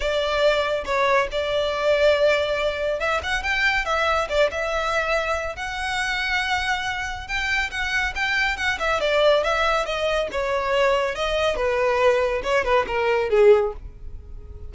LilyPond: \new Staff \with { instrumentName = "violin" } { \time 4/4 \tempo 4 = 140 d''2 cis''4 d''4~ | d''2. e''8 fis''8 | g''4 e''4 d''8 e''4.~ | e''4 fis''2.~ |
fis''4 g''4 fis''4 g''4 | fis''8 e''8 d''4 e''4 dis''4 | cis''2 dis''4 b'4~ | b'4 cis''8 b'8 ais'4 gis'4 | }